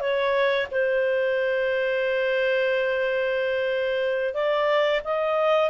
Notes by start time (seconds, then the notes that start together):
0.00 C#5
0.71 C5
4.34 D5
5.04 D#5